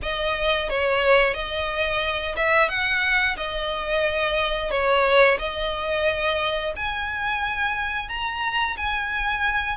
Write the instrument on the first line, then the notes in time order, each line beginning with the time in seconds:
violin
0.02 D#5
0.69 C#5
1.34 D#5
2.36 E5
2.68 F#5
3.36 D#5
4.70 C#5
5.38 D#5
6.76 G#5
8.09 A#5
8.76 G#5